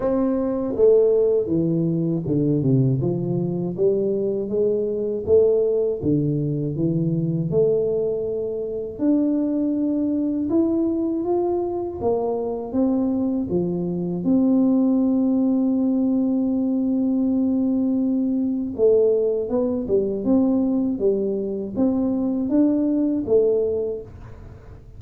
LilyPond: \new Staff \with { instrumentName = "tuba" } { \time 4/4 \tempo 4 = 80 c'4 a4 e4 d8 c8 | f4 g4 gis4 a4 | d4 e4 a2 | d'2 e'4 f'4 |
ais4 c'4 f4 c'4~ | c'1~ | c'4 a4 b8 g8 c'4 | g4 c'4 d'4 a4 | }